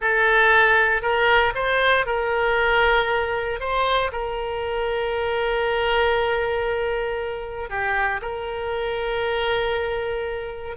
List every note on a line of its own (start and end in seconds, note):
0.01 1.02 A4
1.02 1.53 A#4
1.54 2.06 C5
2.06 3.59 A#4
3.60 4.11 C5
4.12 7.69 A#4
7.69 8.21 G4
8.21 10.76 A#4